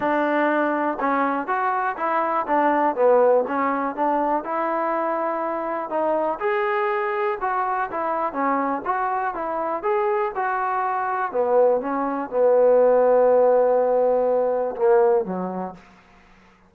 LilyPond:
\new Staff \with { instrumentName = "trombone" } { \time 4/4 \tempo 4 = 122 d'2 cis'4 fis'4 | e'4 d'4 b4 cis'4 | d'4 e'2. | dis'4 gis'2 fis'4 |
e'4 cis'4 fis'4 e'4 | gis'4 fis'2 b4 | cis'4 b2.~ | b2 ais4 fis4 | }